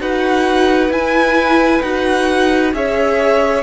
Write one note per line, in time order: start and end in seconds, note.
0.00 0.90 D#4
0.00 0.91 F#4
0.00 2.74 B4
0.00 0.92 F#5
0.90 1.81 E4
0.90 1.83 E4
0.90 1.82 G#5
1.82 2.73 D#4
1.82 2.74 F#4
1.82 2.73 F#5
2.73 3.63 C#4
2.73 3.63 G#4
2.73 3.63 C#5
2.73 3.63 E5